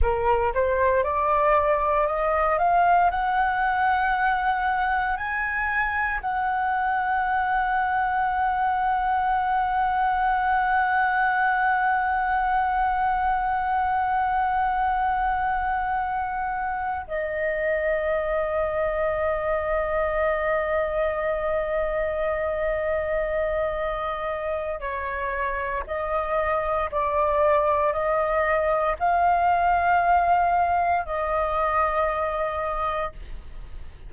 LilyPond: \new Staff \with { instrumentName = "flute" } { \time 4/4 \tempo 4 = 58 ais'8 c''8 d''4 dis''8 f''8 fis''4~ | fis''4 gis''4 fis''2~ | fis''1~ | fis''1~ |
fis''8 dis''2.~ dis''8~ | dis''1 | cis''4 dis''4 d''4 dis''4 | f''2 dis''2 | }